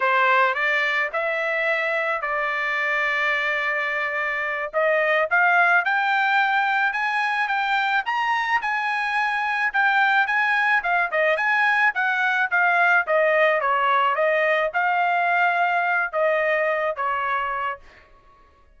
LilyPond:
\new Staff \with { instrumentName = "trumpet" } { \time 4/4 \tempo 4 = 108 c''4 d''4 e''2 | d''1~ | d''8 dis''4 f''4 g''4.~ | g''8 gis''4 g''4 ais''4 gis''8~ |
gis''4. g''4 gis''4 f''8 | dis''8 gis''4 fis''4 f''4 dis''8~ | dis''8 cis''4 dis''4 f''4.~ | f''4 dis''4. cis''4. | }